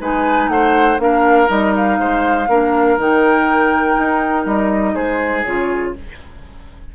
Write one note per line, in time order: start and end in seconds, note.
0.00 0.48 G#3
0.00 0.99 D#4
0.00 0.51 B4
0.00 0.49 G#5
0.48 0.98 A3
0.48 1.02 C5
0.48 0.99 F#5
0.99 1.49 A#3
0.99 1.47 D4
0.99 1.99 A#4
0.99 1.50 F5
1.47 1.99 G3
1.47 2.46 D#4
1.47 1.75 D#5
1.76 3.00 F5
1.99 2.49 G#3
1.99 2.49 C5
2.49 2.98 A#3
2.49 3.00 D4
2.49 4.95 A#4
2.98 3.97 D#3
2.98 5.46 D#4
2.98 4.47 G5
3.98 4.46 D#4
4.46 4.96 G3
4.46 4.95 D#5
4.95 5.46 G#3
4.95 5.94 G#4
4.95 5.44 C5
5.44 5.96 C#3
5.44 5.96 F4
5.44 5.94 C#5